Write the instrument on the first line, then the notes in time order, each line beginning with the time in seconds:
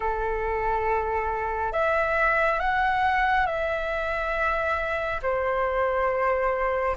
flute
0.00 A4
1.72 E5
2.59 F#5
3.46 E5
5.22 C5